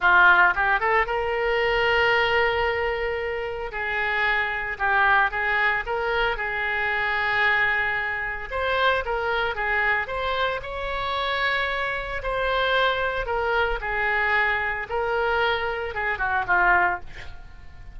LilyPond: \new Staff \with { instrumentName = "oboe" } { \time 4/4 \tempo 4 = 113 f'4 g'8 a'8 ais'2~ | ais'2. gis'4~ | gis'4 g'4 gis'4 ais'4 | gis'1 |
c''4 ais'4 gis'4 c''4 | cis''2. c''4~ | c''4 ais'4 gis'2 | ais'2 gis'8 fis'8 f'4 | }